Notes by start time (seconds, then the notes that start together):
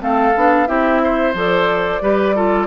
0.00 A3 C4 A4 F5
0.36 B3 D4
0.67 C4 E4 G4 E5
1.04 C5
1.34 F3 A4 D5
2.02 G3 G4 B4
2.35 F4 A4